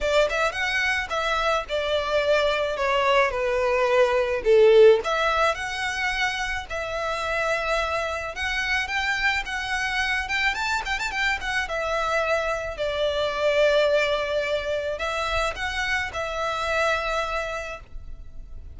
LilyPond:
\new Staff \with { instrumentName = "violin" } { \time 4/4 \tempo 4 = 108 d''8 e''8 fis''4 e''4 d''4~ | d''4 cis''4 b'2 | a'4 e''4 fis''2 | e''2. fis''4 |
g''4 fis''4. g''8 a''8 g''16 a''16 | g''8 fis''8 e''2 d''4~ | d''2. e''4 | fis''4 e''2. | }